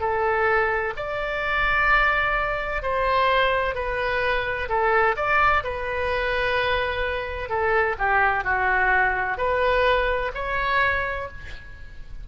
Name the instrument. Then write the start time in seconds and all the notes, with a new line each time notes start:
oboe
0.00 A4
0.96 D5
2.82 C5
3.75 B4
4.69 A4
5.16 D5
5.63 B4
7.49 A4
7.98 G4
8.44 F#4
9.37 B4
10.34 C#5